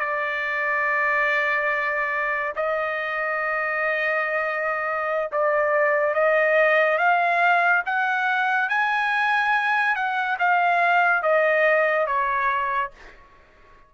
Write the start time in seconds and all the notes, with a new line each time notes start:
0.00 D5
2.56 D#5
5.32 D5
6.15 D#5
6.98 F5
7.86 F#5
8.69 G#5
9.96 F#5
10.39 F5
11.23 D#5
12.07 C#5